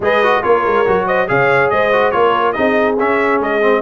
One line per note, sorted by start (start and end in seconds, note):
0.00 0.40 G#3
0.00 0.23 G#4
0.00 0.45 B4
0.00 0.43 D#5
0.23 0.43 F#4
0.43 0.66 A#3
0.43 0.85 F4
0.43 1.06 A#4
0.43 1.06 C#5
0.66 0.87 G#3
0.86 1.30 F#3
0.86 1.27 F#4
1.06 1.28 C5
1.06 1.28 D#5
1.27 1.71 C#3
1.27 1.91 G#4
1.27 1.72 C#5
1.27 1.70 F5
1.70 2.13 G#3
1.70 2.14 C5
1.70 2.11 D#5
1.92 2.12 F#4
2.11 2.56 A#3
2.11 2.54 F4
2.11 2.54 A#4
2.11 2.52 C#5
2.52 2.99 C4
2.52 2.97 D#4
2.52 3.81 G#4
2.52 2.95 D#5
2.99 3.61 C#4
2.99 3.40 C#4
2.99 3.41 E5
3.40 3.81 G#3
3.40 3.81 D#5
3.61 3.81 C4